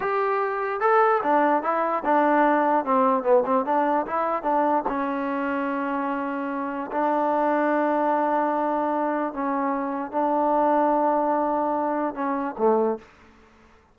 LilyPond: \new Staff \with { instrumentName = "trombone" } { \time 4/4 \tempo 4 = 148 g'2 a'4 d'4 | e'4 d'2 c'4 | b8 c'8 d'4 e'4 d'4 | cis'1~ |
cis'4 d'2.~ | d'2. cis'4~ | cis'4 d'2.~ | d'2 cis'4 a4 | }